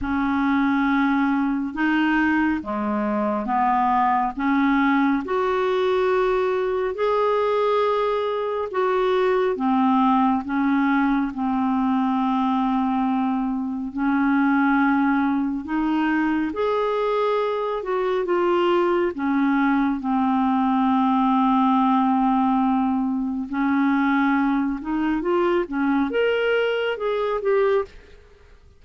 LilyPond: \new Staff \with { instrumentName = "clarinet" } { \time 4/4 \tempo 4 = 69 cis'2 dis'4 gis4 | b4 cis'4 fis'2 | gis'2 fis'4 c'4 | cis'4 c'2. |
cis'2 dis'4 gis'4~ | gis'8 fis'8 f'4 cis'4 c'4~ | c'2. cis'4~ | cis'8 dis'8 f'8 cis'8 ais'4 gis'8 g'8 | }